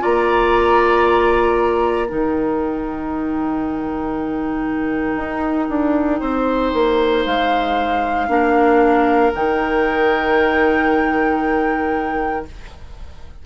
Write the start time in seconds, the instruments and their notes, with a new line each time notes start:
0.00 bassoon A#3, clarinet F4, oboe D5, flute A#5
2.08 bassoon D#3, clarinet D#4, oboe A#4, flute G5
5.17 bassoon D#4
5.69 bassoon D4
6.20 bassoon C4, oboe C5
6.74 bassoon A#3
7.26 bassoon G#3, flute F5
8.29 bassoon A#3, clarinet D4, oboe A#4
9.35 bassoon D#3, clarinet D#4, flute G5